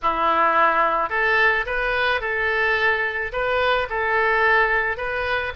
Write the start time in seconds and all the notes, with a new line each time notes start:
0.02 E4
1.09 A4
1.65 B4
2.20 A4
3.32 B4
3.89 A4
4.97 B4